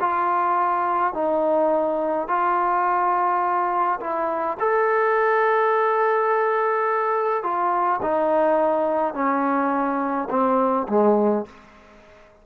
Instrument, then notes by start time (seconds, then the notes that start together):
trombone
0.00 F4
1.14 D#4
2.28 F4
4.00 E4
4.60 A4
7.43 F4
8.02 D#4
9.14 C#4
10.30 C4
10.88 G#3